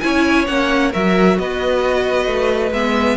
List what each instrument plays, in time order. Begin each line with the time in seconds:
0.00 cello C#4, viola E4, violin C#5 G#5
0.46 cello A#3, viola C#4, violin F#5
0.91 cello F#3, viola F#4, violin A#4 E5
1.38 cello B3, violin B4 D#5
2.26 cello A3
2.71 cello G#3, viola B3, violin E5